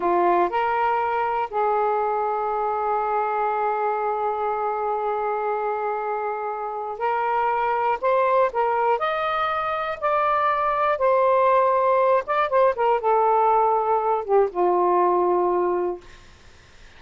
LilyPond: \new Staff \with { instrumentName = "saxophone" } { \time 4/4 \tempo 4 = 120 f'4 ais'2 gis'4~ | gis'1~ | gis'1~ | gis'2 ais'2 |
c''4 ais'4 dis''2 | d''2 c''2~ | c''8 d''8 c''8 ais'8 a'2~ | a'8 g'8 f'2. | }